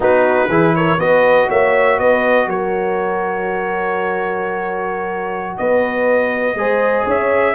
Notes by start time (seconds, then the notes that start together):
0.00 B3 D#4 F#4 B4
0.48 E3 E4 G#4
0.75 A#4 C#5
0.98 B3 F#4 B4 D#5
1.48 A#3 C#5 E5
1.98 B3 B4 D#5
2.47 F#3 A#4 C#5
5.57 B3 B4 D#5
6.54 G#3 G#4 C5
7.04 C#4 C#5 E5